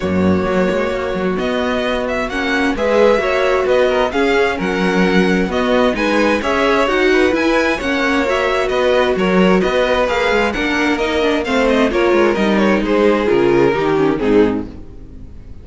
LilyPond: <<
  \new Staff \with { instrumentName = "violin" } { \time 4/4 \tempo 4 = 131 cis''2. dis''4~ | dis''8 e''8 fis''4 e''2 | dis''4 f''4 fis''2 | dis''4 gis''4 e''4 fis''4 |
gis''4 fis''4 e''4 dis''4 | cis''4 dis''4 f''4 fis''4 | dis''4 f''8 dis''8 cis''4 dis''8 cis''8 | c''4 ais'2 gis'4 | }
  \new Staff \with { instrumentName = "violin" } { \time 4/4 fis'1~ | fis'2 b'4 cis''4 | b'8 ais'8 gis'4 ais'2 | fis'4 b'4 cis''4. b'8~ |
b'4 cis''2 b'4 | ais'4 b'2 ais'4~ | ais'4 c''4 ais'2 | gis'2 g'4 dis'4 | }
  \new Staff \with { instrumentName = "viola" } { \time 4/4 ais2. b4~ | b4 cis'4 gis'4 fis'4~ | fis'4 cis'2. | b4 dis'4 gis'4 fis'4 |
e'4 cis'4 fis'2~ | fis'2 gis'4 d'4 | dis'8 d'8 c'4 f'4 dis'4~ | dis'4 f'4 dis'8 cis'8 c'4 | }
  \new Staff \with { instrumentName = "cello" } { \time 4/4 fis,4 fis8 gis8 ais8 fis8 b4~ | b4 ais4 gis4 ais4 | b4 cis'4 fis2 | b4 gis4 cis'4 dis'4 |
e'4 ais2 b4 | fis4 b4 ais8 gis8 ais4~ | ais4 a4 ais8 gis8 g4 | gis4 cis4 dis4 gis,4 | }
>>